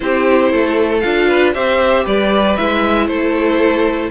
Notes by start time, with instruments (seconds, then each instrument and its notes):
0.00 cello C4, viola E4, violin G4 C5
0.51 cello A3, violin A4
0.99 cello D4, viola F4, violin F5
1.28 violin B4
1.53 cello C4, viola G4, violin C5 E5
2.04 cello G3, violin B4 D5
2.56 cello G#3, viola E4, violin E5
3.07 cello A3, violin A4 C5